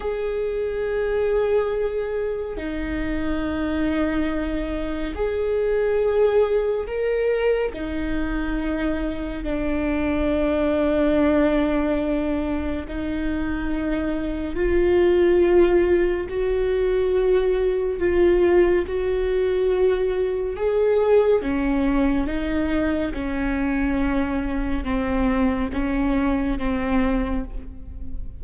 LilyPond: \new Staff \with { instrumentName = "viola" } { \time 4/4 \tempo 4 = 70 gis'2. dis'4~ | dis'2 gis'2 | ais'4 dis'2 d'4~ | d'2. dis'4~ |
dis'4 f'2 fis'4~ | fis'4 f'4 fis'2 | gis'4 cis'4 dis'4 cis'4~ | cis'4 c'4 cis'4 c'4 | }